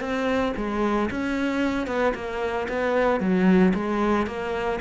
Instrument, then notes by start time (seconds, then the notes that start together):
cello
0.00 C4
0.56 G#3
1.11 C#4
1.87 B3
2.15 A#3
2.69 B3
3.20 F#3
3.74 G#3
4.27 A#3